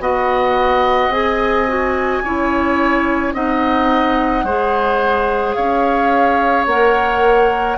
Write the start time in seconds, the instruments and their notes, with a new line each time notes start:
0.00 bassoon B3, clarinet F#4, oboe D#5, flute F#5
1.09 bassoon C4, clarinet G#4, flute G#5
1.68 clarinet F#4
2.24 bassoon C#4, clarinet E4, oboe C#5
3.34 bassoon C4, clarinet D#4, oboe D#5, flute F#5
4.44 bassoon G#3, clarinet G#4, oboe C5
5.54 bassoon C#4, oboe C#5, flute F5
6.67 bassoon A#3, clarinet A#4, flute F#5